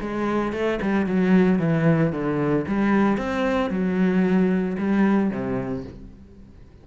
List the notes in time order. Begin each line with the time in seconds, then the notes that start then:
0.00 G#3
0.52 A3
0.81 G3
1.06 F#3
1.59 E3
2.12 D3
2.67 G3
3.17 C4
3.70 F#3
4.78 G3
5.30 C3